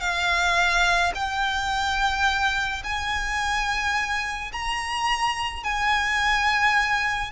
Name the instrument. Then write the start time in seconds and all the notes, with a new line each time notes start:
violin
0.00 F5
1.14 G5
2.83 G#5
4.52 A#5
5.64 G#5